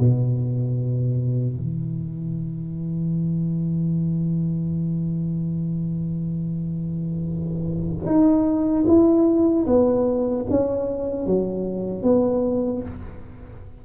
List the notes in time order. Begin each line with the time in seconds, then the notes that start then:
0.00 B2
1.57 E3
8.06 D#4
8.88 E4
9.67 B3
10.50 C#4
11.27 F#3
12.04 B3